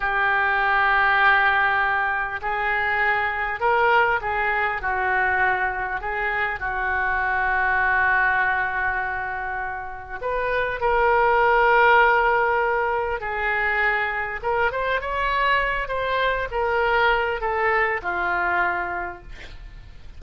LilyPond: \new Staff \with { instrumentName = "oboe" } { \time 4/4 \tempo 4 = 100 g'1 | gis'2 ais'4 gis'4 | fis'2 gis'4 fis'4~ | fis'1~ |
fis'4 b'4 ais'2~ | ais'2 gis'2 | ais'8 c''8 cis''4. c''4 ais'8~ | ais'4 a'4 f'2 | }